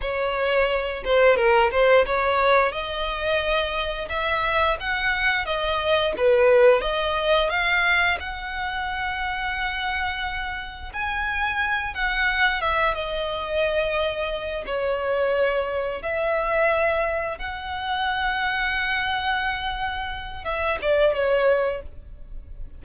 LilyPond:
\new Staff \with { instrumentName = "violin" } { \time 4/4 \tempo 4 = 88 cis''4. c''8 ais'8 c''8 cis''4 | dis''2 e''4 fis''4 | dis''4 b'4 dis''4 f''4 | fis''1 |
gis''4. fis''4 e''8 dis''4~ | dis''4. cis''2 e''8~ | e''4. fis''2~ fis''8~ | fis''2 e''8 d''8 cis''4 | }